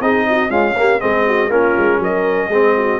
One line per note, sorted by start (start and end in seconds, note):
0.00 0.50 C4
0.00 0.50 D#4
0.00 0.27 G#4
0.00 0.51 D#5
0.29 0.50 F#4
0.50 0.75 G#3
0.50 1.00 C#4
0.50 0.75 F4
0.50 1.01 F5
0.77 1.00 A#3
0.77 1.00 G4
1.00 1.49 G#3
1.00 1.50 C4
1.00 1.25 G#4
1.00 1.51 D#5
1.27 1.50 F#4
1.49 1.74 A#3
1.49 2.51 C#4
1.49 2.00 F4
1.49 2.01 A#4
1.78 1.99 G#3
1.99 2.48 F#3
1.99 2.50 A#4
1.99 3.00 D#5
2.48 2.98 G#3
2.48 3.00 C4
2.48 2.75 G#4
2.77 3.00 F#4